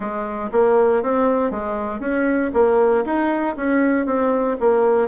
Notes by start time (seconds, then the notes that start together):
0.00 G#3
0.52 A#3
1.02 C4
1.50 G#3
2.00 C#4
2.53 A#3
3.05 D#4
3.56 C#4
4.06 C4
4.59 A#3